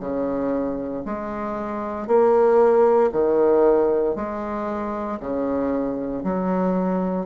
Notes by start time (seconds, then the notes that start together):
0.00 C#3
1.05 G#3
2.07 A#3
3.12 D#3
4.16 G#3
5.20 C#3
6.24 F#3